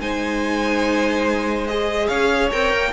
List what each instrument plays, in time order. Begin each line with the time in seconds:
0.00 cello G#3, viola D#4, violin C5 G#5
1.68 viola G#4, violin D#5
2.08 cello C#4, violin C#5 F5
2.52 cello C4, viola A#4, violin G5
2.73 cello A#3